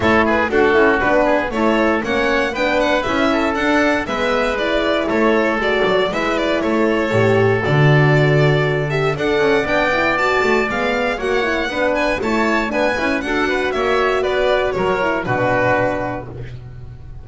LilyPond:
<<
  \new Staff \with { instrumentName = "violin" } { \time 4/4 \tempo 4 = 118 cis''8 b'8 a'4 b'4 cis''4 | fis''4 g''8 fis''8 e''4 fis''4 | e''4 d''4 cis''4 d''4 | e''8 d''8 cis''2 d''4~ |
d''4. e''8 fis''4 g''4 | a''4 f''4 fis''4. gis''8 | a''4 gis''4 fis''4 e''4 | d''4 cis''4 b'2 | }
  \new Staff \with { instrumentName = "oboe" } { \time 4/4 a'8 gis'8 fis'4. gis'8 a'4 | cis''4 b'4. a'4. | b'2 a'2 | b'4 a'2.~ |
a'2 d''2~ | d''2 cis''4 b'4 | cis''4 b'4 a'8 b'8 cis''4 | b'4 ais'4 fis'2 | }
  \new Staff \with { instrumentName = "horn" } { \time 4/4 e'4 fis'8 e'8 d'4 e'4 | cis'4 d'4 e'4 d'4 | b4 e'2 fis'4 | e'2 g'4 fis'4~ |
fis'4. g'8 a'4 d'8 e'8 | fis'4 b4 fis'8 e'8 d'4 | e'4 d'8 e'8 fis'2~ | fis'4. e'8 d'2 | }
  \new Staff \with { instrumentName = "double bass" } { \time 4/4 a4 d'8 cis'8 b4 a4 | ais4 b4 cis'4 d'4 | gis2 a4 gis8 fis8 | gis4 a4 a,4 d4~ |
d2 d'8 cis'8 b4~ | b8 a8 gis4 ais4 b4 | a4 b8 cis'8 d'4 ais4 | b4 fis4 b,2 | }
>>